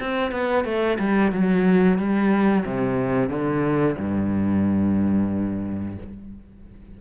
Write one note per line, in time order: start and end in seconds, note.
0.00 0.32 C4
0.32 0.65 B3
0.65 0.98 A3
0.99 1.32 G3
1.32 1.98 F#3
1.98 2.65 G3
2.65 3.29 C3
3.29 3.96 D3
3.98 5.98 G2